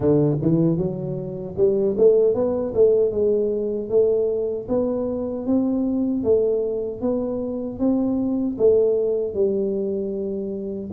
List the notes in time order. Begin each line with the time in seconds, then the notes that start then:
0.00 D3
0.41 E3
0.77 F#3
1.57 G3
1.97 A3
2.34 B3
2.74 A3
3.11 G#3
3.89 A3
4.68 B3
5.46 C4
6.23 A3
7.01 B3
7.79 C4
8.57 A3
9.34 G3